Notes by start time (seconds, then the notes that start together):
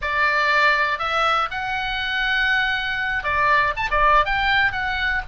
0.01 D5
0.98 E5
1.50 F#5
3.23 D5
3.76 A5
3.90 D5
4.25 G5
4.72 F#5